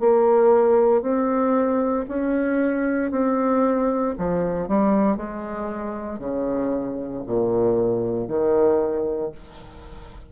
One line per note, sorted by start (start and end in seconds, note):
0.00 1.02 A#3
1.02 2.05 C4
2.08 3.11 C#4
3.11 4.15 C4
4.18 4.68 F3
4.68 5.17 G3
5.17 6.19 G#3
6.19 7.23 C#3
7.27 8.28 A#2
8.28 9.32 D#3